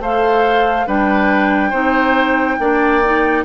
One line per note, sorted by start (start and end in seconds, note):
0.00 0.86 A3
0.00 0.87 A4
0.00 0.87 C5
0.00 0.88 F5
0.87 1.73 G3
0.87 1.72 D4
0.87 1.70 B4
0.87 3.45 G5
1.70 2.58 C4
1.70 2.58 D#4
1.70 2.56 C5
2.59 3.45 A#3
2.59 3.03 D4
2.59 3.45 D5
3.04 3.45 D#4